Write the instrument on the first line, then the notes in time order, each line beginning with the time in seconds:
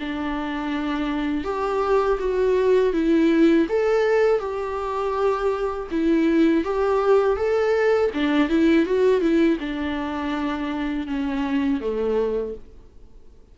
viola
0.00 D4
1.44 G4
2.20 F#4
2.93 E4
3.69 A4
4.40 G4
5.91 E4
6.64 G4
7.37 A4
8.14 D4
8.49 E4
8.86 F#4
9.21 E4
9.60 D4
11.07 C#4
11.80 A3